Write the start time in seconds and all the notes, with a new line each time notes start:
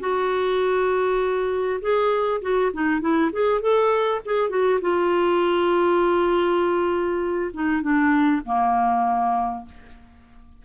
0.00 F#4
1.81 G#4
2.42 F#4
2.73 D#4
3.01 E4
3.32 G#4
3.61 A4
4.25 G#4
4.49 F#4
4.81 F4
7.54 D#4
7.82 D4
8.45 A#3